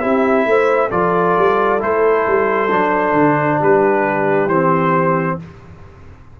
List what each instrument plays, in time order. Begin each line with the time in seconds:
0.00 tuba C4, trombone E4, horn G4, trumpet E5
0.45 tuba A3, horn C5
0.88 tuba F3, trombone F4, horn A4, trumpet D5
1.37 tuba G3
1.79 tuba A3, trombone E4, trumpet C5
2.27 tuba G3
2.71 tuba F#3, trombone D4
3.12 tuba D3
3.58 tuba G3, horn G4, trumpet B4
4.46 tuba E3, trombone C4, trumpet C5